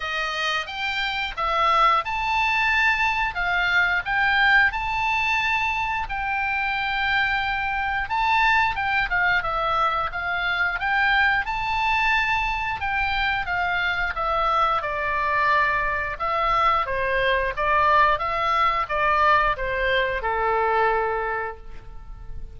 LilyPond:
\new Staff \with { instrumentName = "oboe" } { \time 4/4 \tempo 4 = 89 dis''4 g''4 e''4 a''4~ | a''4 f''4 g''4 a''4~ | a''4 g''2. | a''4 g''8 f''8 e''4 f''4 |
g''4 a''2 g''4 | f''4 e''4 d''2 | e''4 c''4 d''4 e''4 | d''4 c''4 a'2 | }